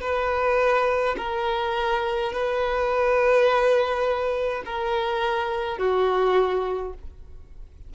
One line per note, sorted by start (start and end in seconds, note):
0.00 1.15 B4
1.17 2.32 A#4
2.32 4.63 B4
4.65 5.77 A#4
5.77 6.93 F#4